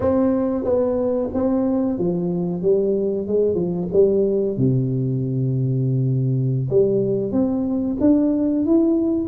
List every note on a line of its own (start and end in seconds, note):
0.00 0.64 C4
0.64 1.29 B3
1.33 1.98 C4
1.98 2.62 F3
2.62 3.27 G3
3.27 3.55 G#3
3.55 3.87 F3
3.92 4.57 G3
4.57 6.68 C3
6.69 7.32 G3
7.32 7.97 C4
8.00 8.65 D4
8.65 9.27 E4